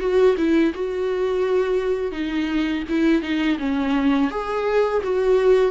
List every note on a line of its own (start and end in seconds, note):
0.00 0.36 F#4
0.37 0.73 E4
0.74 2.12 F#4
2.12 2.83 D#4
2.89 3.22 E4
3.22 3.58 D#4
3.59 4.31 C#4
4.31 5.02 G#4
5.03 5.71 F#4